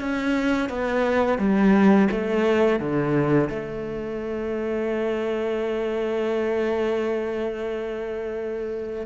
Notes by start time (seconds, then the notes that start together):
0.00 C#4
0.69 B3
1.39 G3
2.12 A3
2.80 D3
3.49 A3